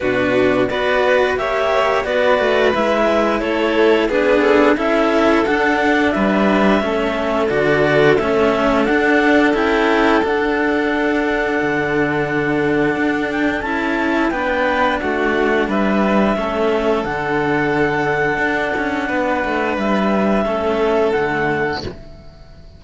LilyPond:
<<
  \new Staff \with { instrumentName = "clarinet" } { \time 4/4 \tempo 4 = 88 b'4 d''4 e''4 d''4 | e''4 cis''4 b'8 a'8 e''4 | fis''4 e''2 d''4 | e''4 fis''4 g''4 fis''4~ |
fis''2.~ fis''8 g''8 | a''4 g''4 fis''4 e''4~ | e''4 fis''2.~ | fis''4 e''2 fis''4 | }
  \new Staff \with { instrumentName = "violin" } { \time 4/4 fis'4 b'4 cis''4 b'4~ | b'4 a'4 gis'4 a'4~ | a'4 b'4 a'2~ | a'1~ |
a'1~ | a'4 b'4 fis'4 b'4 | a'1 | b'2 a'2 | }
  \new Staff \with { instrumentName = "cello" } { \time 4/4 d'4 fis'4 g'4 fis'4 | e'2 d'4 e'4 | d'2 cis'4 fis'4 | cis'4 d'4 e'4 d'4~ |
d'1 | e'4 d'2. | cis'4 d'2.~ | d'2 cis'4 a4 | }
  \new Staff \with { instrumentName = "cello" } { \time 4/4 b,4 b4 ais4 b8 a8 | gis4 a4 b4 cis'4 | d'4 g4 a4 d4 | a4 d'4 cis'4 d'4~ |
d'4 d2 d'4 | cis'4 b4 a4 g4 | a4 d2 d'8 cis'8 | b8 a8 g4 a4 d4 | }
>>